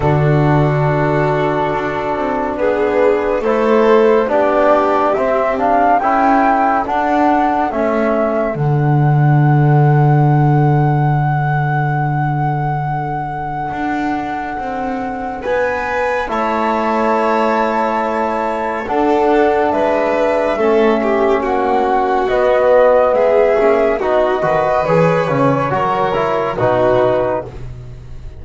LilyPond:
<<
  \new Staff \with { instrumentName = "flute" } { \time 4/4 \tempo 4 = 70 a'2. b'4 | c''4 d''4 e''8 f''8 g''4 | fis''4 e''4 fis''2~ | fis''1~ |
fis''2 gis''4 a''4~ | a''2 fis''4 e''4~ | e''4 fis''4 dis''4 e''4 | dis''4 cis''2 b'4 | }
  \new Staff \with { instrumentName = "violin" } { \time 4/4 fis'2. gis'4 | a'4 g'2 a'4~ | a'1~ | a'1~ |
a'2 b'4 cis''4~ | cis''2 a'4 b'4 | a'8 g'8 fis'2 gis'4 | fis'8 b'4. ais'4 fis'4 | }
  \new Staff \with { instrumentName = "trombone" } { \time 4/4 d'1 | e'4 d'4 c'8 d'8 e'4 | d'4 cis'4 d'2~ | d'1~ |
d'2. e'4~ | e'2 d'2 | cis'2 b4. cis'8 | dis'8 fis'8 gis'8 cis'8 fis'8 e'8 dis'4 | }
  \new Staff \with { instrumentName = "double bass" } { \time 4/4 d2 d'8 c'8 b4 | a4 b4 c'4 cis'4 | d'4 a4 d2~ | d1 |
d'4 c'4 b4 a4~ | a2 d'4 gis4 | a4 ais4 b4 gis8 ais8 | b8 dis8 e8 cis8 fis4 b,4 | }
>>